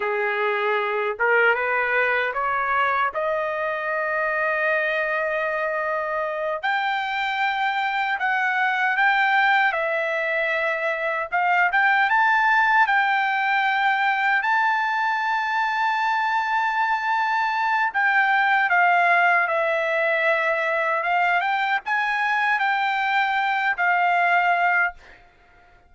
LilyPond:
\new Staff \with { instrumentName = "trumpet" } { \time 4/4 \tempo 4 = 77 gis'4. ais'8 b'4 cis''4 | dis''1~ | dis''8 g''2 fis''4 g''8~ | g''8 e''2 f''8 g''8 a''8~ |
a''8 g''2 a''4.~ | a''2. g''4 | f''4 e''2 f''8 g''8 | gis''4 g''4. f''4. | }